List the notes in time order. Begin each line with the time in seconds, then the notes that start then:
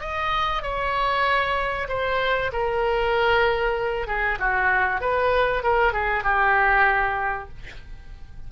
0.00 D#5
0.62 C#5
1.88 C5
2.52 A#4
4.07 G#4
4.39 F#4
5.00 B4
5.63 A#4
5.93 G#4
6.23 G4